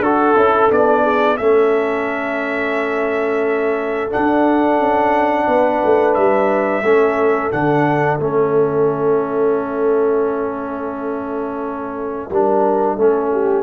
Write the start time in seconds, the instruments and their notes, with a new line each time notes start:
0.00 tuba D4, trombone F#4, trumpet A4, horn A4
0.35 tuba C#4, trombone E4
0.69 tuba B3, trombone D4, trumpet D5
1.03 horn G#4
1.37 tuba A3, trombone C#4, horn A4, trumpet E5
4.10 trombone D4, tuba D4, trumpet F#5
4.78 tuba C#4
5.47 tuba B3, horn B4
5.85 tuba A3
6.14 tuba G3, trumpet E5
6.83 tuba A3, trombone C#4, horn A4
7.51 tuba D3, trombone D4, trumpet F#5
8.19 tuba A3, trombone C#4, trumpet E5
12.30 tuba G3, trombone D4, horn A#4
12.96 tuba A3, trombone C#4, horn A4
13.32 horn G4